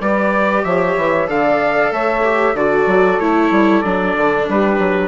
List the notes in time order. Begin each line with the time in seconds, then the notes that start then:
0.00 G3 G4 B4 D5
0.64 F3 C#5 E5
0.97 E3
1.27 D3 A4 D5 F5
1.91 A3 C#5 E5
2.24 G4
2.54 D3 F#4 A4 D5
2.86 F#3
3.20 A3 E4 C#5
3.51 G3
3.82 F#3 D4 D5
4.17 D3
4.49 G3 G4 B4
4.79 F#3